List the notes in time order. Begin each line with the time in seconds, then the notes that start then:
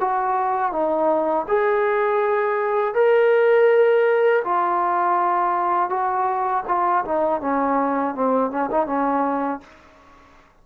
0.00 F#4
0.72 D#4
1.48 G#4
2.95 A#4
4.45 F4
5.90 F#4
6.68 F4
7.05 D#4
7.41 C#4
8.15 C4
8.51 C#4
8.71 D#4
8.87 C#4